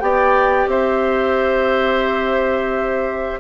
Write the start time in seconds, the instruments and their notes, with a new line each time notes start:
0.00 bassoon B3, clarinet G4, oboe D5, flute G5
0.67 bassoon C4, oboe C5, flute E5